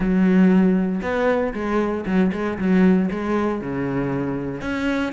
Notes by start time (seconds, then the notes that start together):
0.00 F#3
1.02 B3
1.53 G#3
2.05 F#3
2.32 G#3
2.58 F#3
3.11 G#3
3.61 C#3
4.61 C#4